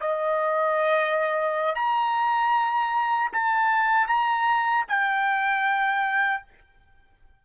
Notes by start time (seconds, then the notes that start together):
0.00 D#5
1.75 A#5
3.32 A5
4.07 A#5
4.88 G5